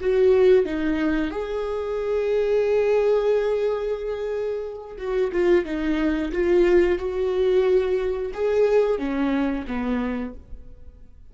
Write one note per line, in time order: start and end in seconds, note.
0.00 0.65 F#4
0.65 1.31 D#4
1.31 4.97 G#4
4.98 5.31 F#4
5.32 5.65 F4
5.65 6.32 D#4
6.32 6.99 F4
6.99 8.32 F#4
8.34 8.98 G#4
8.98 9.65 C#4
9.68 10.34 B3